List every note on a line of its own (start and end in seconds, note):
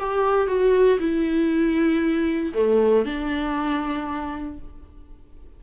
0.00 0.48 G4
0.48 0.99 F#4
1.00 2.54 E4
2.55 3.06 A3
3.06 4.60 D4